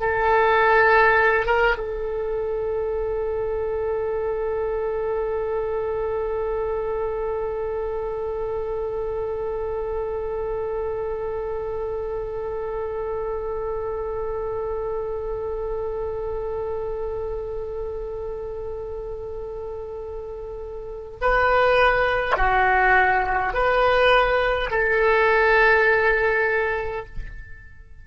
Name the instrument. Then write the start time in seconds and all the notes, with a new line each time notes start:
oboe
0.00 A4
1.45 A#4
1.78 A4
21.21 B4
22.36 F#4
23.53 B4
24.70 A4